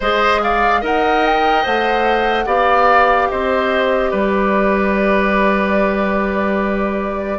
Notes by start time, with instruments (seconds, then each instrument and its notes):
0.00 bassoon G#3, clarinet G#4, oboe C5, flute D#5
0.42 oboe D5, flute F5
0.80 bassoon D#4, clarinet A#4, oboe D#5, flute F#5
1.26 flute G5
1.63 bassoon A3, clarinet C5, flute F#5
2.46 bassoon B3, clarinet G4, oboe D5, flute F5
3.30 bassoon C4, oboe C5, flute D#5
4.10 bassoon G3, oboe B4, flute D5